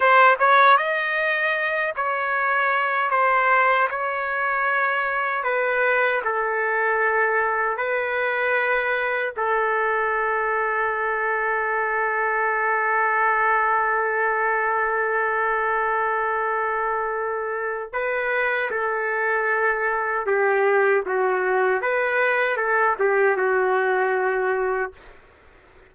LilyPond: \new Staff \with { instrumentName = "trumpet" } { \time 4/4 \tempo 4 = 77 c''8 cis''8 dis''4. cis''4. | c''4 cis''2 b'4 | a'2 b'2 | a'1~ |
a'1~ | a'2. b'4 | a'2 g'4 fis'4 | b'4 a'8 g'8 fis'2 | }